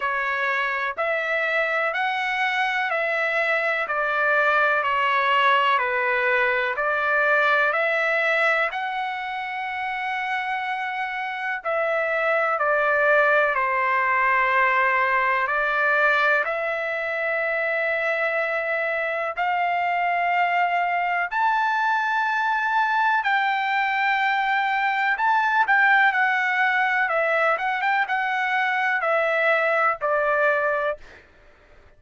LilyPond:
\new Staff \with { instrumentName = "trumpet" } { \time 4/4 \tempo 4 = 62 cis''4 e''4 fis''4 e''4 | d''4 cis''4 b'4 d''4 | e''4 fis''2. | e''4 d''4 c''2 |
d''4 e''2. | f''2 a''2 | g''2 a''8 g''8 fis''4 | e''8 fis''16 g''16 fis''4 e''4 d''4 | }